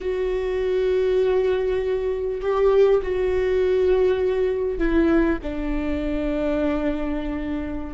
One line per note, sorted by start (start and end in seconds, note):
0.01 2.41 F#4
2.41 3.01 G4
3.02 4.78 F#4
4.78 5.38 E4
5.42 7.94 D4